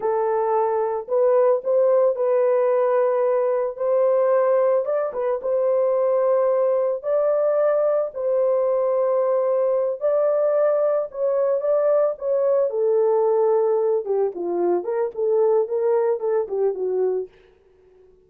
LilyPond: \new Staff \with { instrumentName = "horn" } { \time 4/4 \tempo 4 = 111 a'2 b'4 c''4 | b'2. c''4~ | c''4 d''8 b'8 c''2~ | c''4 d''2 c''4~ |
c''2~ c''8 d''4.~ | d''8 cis''4 d''4 cis''4 a'8~ | a'2 g'8 f'4 ais'8 | a'4 ais'4 a'8 g'8 fis'4 | }